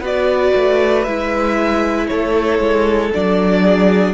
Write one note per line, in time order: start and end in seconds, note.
0.00 0.52 B3
0.00 1.06 F#4
0.00 2.07 B4
0.00 1.03 D5
0.55 1.06 A3
1.03 2.09 G#3
1.03 3.12 E4
1.03 2.06 E5
2.07 2.59 A3
2.07 3.62 A4
2.07 3.10 C#5
2.59 3.11 G#3
3.12 4.14 F#3
3.12 4.14 D4
3.12 4.14 D5
3.62 4.14 G#4